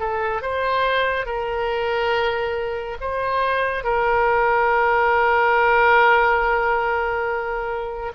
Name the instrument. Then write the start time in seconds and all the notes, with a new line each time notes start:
oboe
0.00 A4
0.42 C5
1.26 A#4
3.01 C5
3.84 A#4